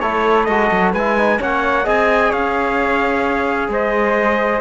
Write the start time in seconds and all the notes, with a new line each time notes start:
0.00 A3 E4 A4 C#5
0.44 G#3 F#4 D#5
0.71 F#3
0.92 G#3 E4 B4 G#5
1.18 D#4
1.39 A#3 C#4 C#5 F#5
1.84 C4 G#4 D#5 G#5
2.29 C#4 C#5 F5
3.68 G#3 C5 D#5